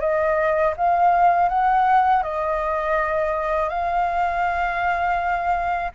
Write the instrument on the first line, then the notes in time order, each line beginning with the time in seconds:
flute
0.00 D#5
0.77 F5
1.49 F#5
2.23 D#5
3.69 F5